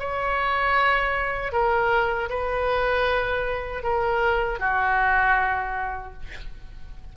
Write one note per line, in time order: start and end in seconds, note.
0.00 1.53 C#5
1.53 2.30 A#4
2.30 3.84 B4
3.84 4.60 A#4
4.60 6.14 F#4